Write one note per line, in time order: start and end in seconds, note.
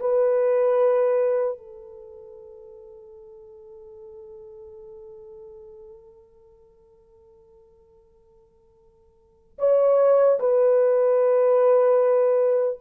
0.00 1.58 B4
1.58 9.58 A4
9.59 10.39 C#5
10.40 12.80 B4